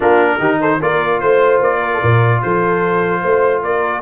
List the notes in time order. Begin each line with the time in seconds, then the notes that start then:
0.00 A#3 D4 F4 A#4
0.39 D#3 D#4 G4
0.60 A4 C5
0.81 A#3 F4 A#4 D5
1.20 A3 C5
1.60 A#3 D5
1.79 A#4
1.93 A4
2.01 A#2 A#4
2.42 F3 A4 C5
3.21 A3 C5
3.62 A#3 A#4 D5